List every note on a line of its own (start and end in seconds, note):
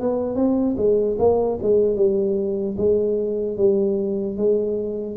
0.00 0.35 B3
0.35 0.75 C4
0.77 1.17 G#3
1.19 1.59 A#3
1.62 1.95 G#3
1.95 2.75 G3
2.77 3.57 G#3
3.57 4.37 G3
4.37 5.16 G#3